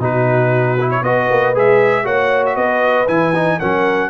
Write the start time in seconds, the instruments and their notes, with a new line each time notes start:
0.00 tuba B2, trombone D#4, horn F#4, trumpet B4
0.81 trombone E4
0.91 trumpet C#5
1.02 tuba B3, trombone F#4, horn B4, trumpet D#5
1.31 tuba A#3
1.55 tuba G#3, trombone G#4, trumpet E5
2.04 tuba A#3, trombone F#4, horn C#5, trumpet F#5
2.46 trumpet E5
2.55 tuba B3, horn B4, trumpet D#5
3.08 tuba E3, trombone E4, trumpet G#5
3.36 trombone D#4
3.59 tuba F#3, trombone C#4, horn A#4, trumpet F#5